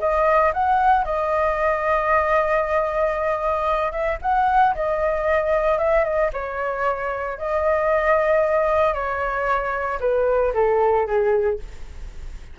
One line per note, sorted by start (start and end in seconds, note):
0.00 0.53 D#5
0.54 1.05 F#5
1.05 3.92 D#5
3.92 4.18 E5
4.22 4.75 F#5
4.75 5.78 D#5
5.78 6.05 E5
6.05 6.31 D#5
6.33 7.39 C#5
7.39 8.94 D#5
8.94 10.00 C#5
10.01 10.53 B4
10.54 11.07 A4
11.07 11.59 G#4